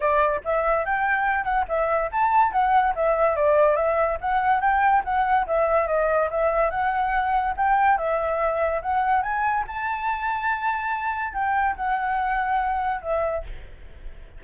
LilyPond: \new Staff \with { instrumentName = "flute" } { \time 4/4 \tempo 4 = 143 d''4 e''4 g''4. fis''8 | e''4 a''4 fis''4 e''4 | d''4 e''4 fis''4 g''4 | fis''4 e''4 dis''4 e''4 |
fis''2 g''4 e''4~ | e''4 fis''4 gis''4 a''4~ | a''2. g''4 | fis''2. e''4 | }